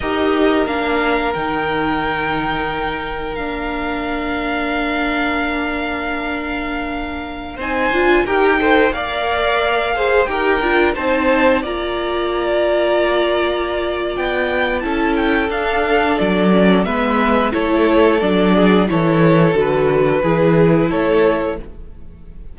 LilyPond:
<<
  \new Staff \with { instrumentName = "violin" } { \time 4/4 \tempo 4 = 89 dis''4 f''4 g''2~ | g''4 f''2.~ | f''2.~ f''16 gis''8.~ | gis''16 g''4 f''2 g''8.~ |
g''16 a''4 ais''2~ ais''8.~ | ais''4 g''4 a''8 g''8 f''4 | d''4 e''4 cis''4 d''4 | cis''4 b'2 cis''4 | }
  \new Staff \with { instrumentName = "violin" } { \time 4/4 ais'1~ | ais'1~ | ais'2.~ ais'16 c''8.~ | c''16 ais'8 c''8 d''4. c''8 ais'8.~ |
ais'16 c''4 d''2~ d''8.~ | d''2 a'2~ | a'4 b'4 a'4. gis'8 | a'2 gis'4 a'4 | }
  \new Staff \with { instrumentName = "viola" } { \time 4/4 g'4 d'4 dis'2~ | dis'4 d'2.~ | d'2.~ d'16 dis'8 f'16~ | f'16 g'8 a'8 ais'4. gis'8 g'8 f'16~ |
f'16 dis'4 f'2~ f'8.~ | f'2 e'4 d'4~ | d'8 cis'8 b4 e'4 d'4 | e'4 fis'4 e'2 | }
  \new Staff \with { instrumentName = "cello" } { \time 4/4 dis'4 ais4 dis2~ | dis4 ais2.~ | ais2.~ ais16 c'8 d'16~ | d'16 dis'4 ais2 dis'8 d'16~ |
d'16 c'4 ais2~ ais8.~ | ais4 b4 cis'4 d'4 | fis4 gis4 a4 fis4 | e4 d4 e4 a4 | }
>>